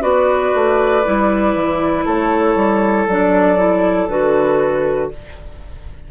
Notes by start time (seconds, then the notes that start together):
0.00 B3 F#4 B4 D5
0.54 A3
1.05 G3 E4
1.54 E3
2.05 A3 A4 C#5
2.55 G3
3.07 F#3 D4 D5
3.56 E4
4.08 D3 F#4 B4